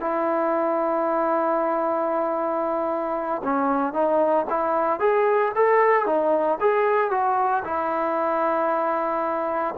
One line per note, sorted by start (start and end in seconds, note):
0.00 3.42 E4
3.44 3.93 C#4
3.93 4.46 D#4
4.50 5.00 E4
5.00 5.52 G#4
5.55 6.06 A4
6.06 6.58 D#4
6.60 7.11 G#4
7.11 7.63 F#4
7.64 9.75 E4